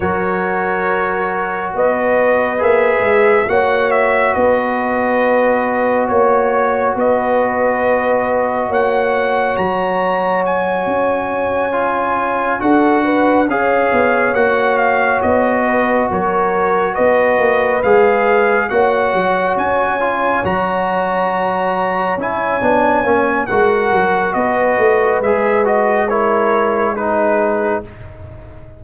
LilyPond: <<
  \new Staff \with { instrumentName = "trumpet" } { \time 4/4 \tempo 4 = 69 cis''2 dis''4 e''4 | fis''8 e''8 dis''2 cis''4 | dis''2 fis''4 ais''4 | gis''2~ gis''8 fis''4 f''8~ |
f''8 fis''8 f''8 dis''4 cis''4 dis''8~ | dis''8 f''4 fis''4 gis''4 ais''8~ | ais''4. gis''4. fis''4 | dis''4 e''8 dis''8 cis''4 b'4 | }
  \new Staff \with { instrumentName = "horn" } { \time 4/4 ais'2 b'2 | cis''4 b'2 cis''4 | b'2 cis''2~ | cis''2~ cis''8 a'8 b'8 cis''8~ |
cis''2 b'8 ais'4 b'8~ | b'4. cis''2~ cis''8~ | cis''2. ais'4 | b'2 ais'4 gis'4 | }
  \new Staff \with { instrumentName = "trombone" } { \time 4/4 fis'2. gis'4 | fis'1~ | fis'1~ | fis'4. f'4 fis'4 gis'8~ |
gis'8 fis'2.~ fis'8~ | fis'8 gis'4 fis'4. f'8 fis'8~ | fis'4. e'8 d'8 cis'8 fis'4~ | fis'4 gis'8 fis'8 e'4 dis'4 | }
  \new Staff \with { instrumentName = "tuba" } { \time 4/4 fis2 b4 ais8 gis8 | ais4 b2 ais4 | b2 ais4 fis4~ | fis8 cis'2 d'4 cis'8 |
b8 ais4 b4 fis4 b8 | ais8 gis4 ais8 fis8 cis'4 fis8~ | fis4. cis'8 b8 ais8 gis8 fis8 | b8 a8 gis2. | }
>>